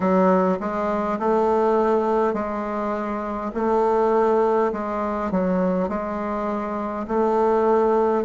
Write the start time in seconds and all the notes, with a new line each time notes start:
0.00 F#3
0.59 G#3
1.19 A3
2.33 G#3
3.54 A3
4.72 G#3
5.31 F#3
5.88 G#3
7.07 A3